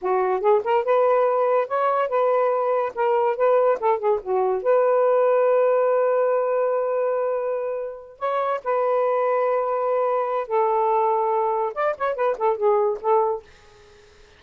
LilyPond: \new Staff \with { instrumentName = "saxophone" } { \time 4/4 \tempo 4 = 143 fis'4 gis'8 ais'8 b'2 | cis''4 b'2 ais'4 | b'4 a'8 gis'8 fis'4 b'4~ | b'1~ |
b'2.~ b'8 cis''8~ | cis''8 b'2.~ b'8~ | b'4 a'2. | d''8 cis''8 b'8 a'8 gis'4 a'4 | }